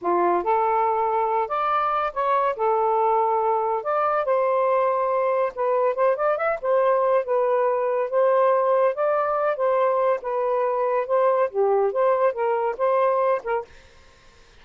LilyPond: \new Staff \with { instrumentName = "saxophone" } { \time 4/4 \tempo 4 = 141 f'4 a'2~ a'8 d''8~ | d''4 cis''4 a'2~ | a'4 d''4 c''2~ | c''4 b'4 c''8 d''8 e''8 c''8~ |
c''4 b'2 c''4~ | c''4 d''4. c''4. | b'2 c''4 g'4 | c''4 ais'4 c''4. ais'8 | }